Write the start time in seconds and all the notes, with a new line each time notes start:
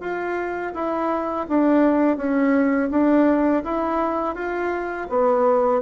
0.00 F4
0.74 E4
1.48 D4
2.17 C#4
2.90 D4
3.63 E4
4.34 F4
5.09 B3